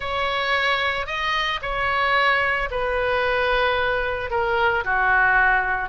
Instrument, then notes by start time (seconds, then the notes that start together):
oboe
0.00 C#5
1.06 D#5
1.61 C#5
2.71 B4
4.30 A#4
4.84 F#4